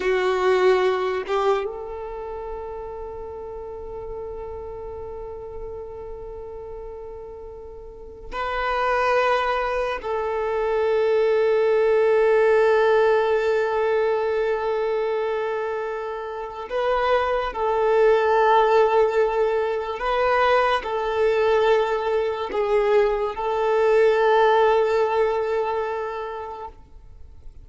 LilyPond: \new Staff \with { instrumentName = "violin" } { \time 4/4 \tempo 4 = 72 fis'4. g'8 a'2~ | a'1~ | a'2 b'2 | a'1~ |
a'1 | b'4 a'2. | b'4 a'2 gis'4 | a'1 | }